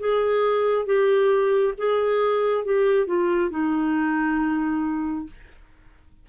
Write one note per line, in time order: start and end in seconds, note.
0.00 0.86 G#4
0.86 1.74 G4
1.78 2.65 G#4
2.65 3.07 G4
3.07 3.51 F4
3.51 5.27 D#4